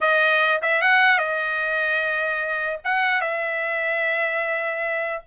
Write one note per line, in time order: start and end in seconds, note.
0.01 0.61 D#5
0.62 0.81 E5
0.81 1.18 F#5
1.18 2.79 D#5
2.84 3.21 F#5
3.21 5.22 E5